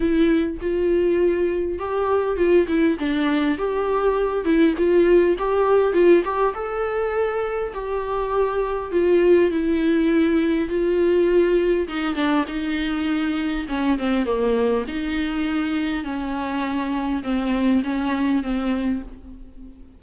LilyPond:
\new Staff \with { instrumentName = "viola" } { \time 4/4 \tempo 4 = 101 e'4 f'2 g'4 | f'8 e'8 d'4 g'4. e'8 | f'4 g'4 f'8 g'8 a'4~ | a'4 g'2 f'4 |
e'2 f'2 | dis'8 d'8 dis'2 cis'8 c'8 | ais4 dis'2 cis'4~ | cis'4 c'4 cis'4 c'4 | }